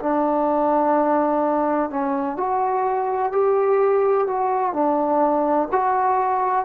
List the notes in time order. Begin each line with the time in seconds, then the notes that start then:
0.00 D4
1.90 C#4
2.37 F#4
3.32 G4
4.28 F#4
4.74 D4
5.72 F#4